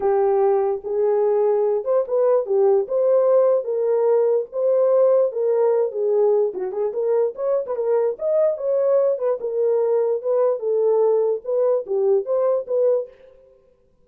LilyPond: \new Staff \with { instrumentName = "horn" } { \time 4/4 \tempo 4 = 147 g'2 gis'2~ | gis'8 c''8 b'4 g'4 c''4~ | c''4 ais'2 c''4~ | c''4 ais'4. gis'4. |
fis'8 gis'8 ais'4 cis''8. b'16 ais'4 | dis''4 cis''4. b'8 ais'4~ | ais'4 b'4 a'2 | b'4 g'4 c''4 b'4 | }